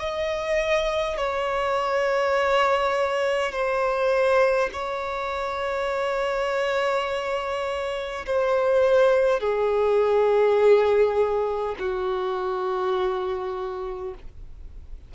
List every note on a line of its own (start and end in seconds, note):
0.00 1.17 D#5
1.17 3.52 C#5
3.52 4.70 C5
4.73 8.26 C#5
8.26 9.40 C5
9.40 11.75 G#4
11.80 14.15 F#4